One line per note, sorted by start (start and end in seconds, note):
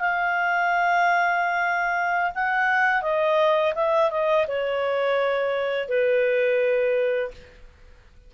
0.00 2.32 F5
2.35 3.02 F#5
3.02 3.73 D#5
3.75 4.10 E5
4.10 4.46 D#5
4.48 5.89 C#5
5.89 7.31 B4